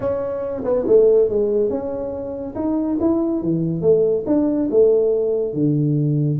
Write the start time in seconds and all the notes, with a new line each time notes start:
0.00 C#4
0.64 B3
0.87 A3
1.29 G#3
1.69 C#4
2.55 D#4
3.00 E4
3.42 E3
3.81 A3
4.26 D4
4.70 A3
5.53 D3